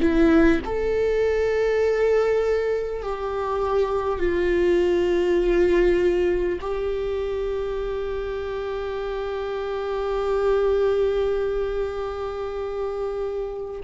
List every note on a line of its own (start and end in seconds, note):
0.00 0.60 E4
0.64 3.02 A4
3.02 4.18 G4
4.18 6.58 F4
6.60 13.80 G4